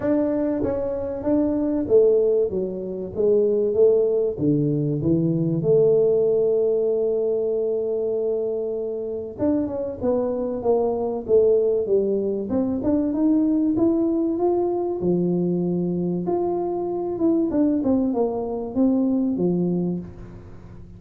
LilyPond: \new Staff \with { instrumentName = "tuba" } { \time 4/4 \tempo 4 = 96 d'4 cis'4 d'4 a4 | fis4 gis4 a4 d4 | e4 a2.~ | a2. d'8 cis'8 |
b4 ais4 a4 g4 | c'8 d'8 dis'4 e'4 f'4 | f2 f'4. e'8 | d'8 c'8 ais4 c'4 f4 | }